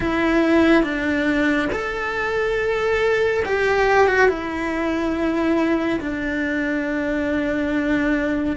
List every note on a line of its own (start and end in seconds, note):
0.00 0.83 E4
0.83 1.69 D4
1.71 3.43 A4
3.45 4.07 G4
4.07 4.28 F#4
4.28 6.00 E4
6.00 8.56 D4